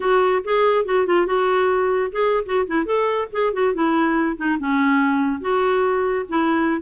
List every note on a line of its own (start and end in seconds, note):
0.00 0.43 F#4
0.44 0.85 G#4
0.85 1.06 F#4
1.06 1.26 F4
1.26 2.11 F#4
2.12 2.44 G#4
2.45 2.66 F#4
2.67 2.85 E4
2.85 3.28 A4
3.32 3.53 G#4
3.53 3.74 F#4
3.74 4.36 E4
4.36 4.58 D#4
4.59 5.40 C#4
5.40 6.25 F#4
6.28 6.81 E4